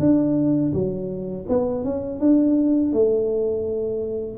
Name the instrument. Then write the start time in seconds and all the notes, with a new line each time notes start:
tuba
0.00 D4
0.74 F#3
1.49 B3
1.85 C#4
2.20 D4
2.93 A3